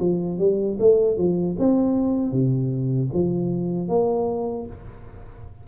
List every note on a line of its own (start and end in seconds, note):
0.00 0.39 F3
0.39 0.78 G3
0.79 1.18 A3
1.18 1.57 F3
1.59 2.32 C4
2.32 3.10 C3
3.13 3.89 F3
3.89 4.66 A#3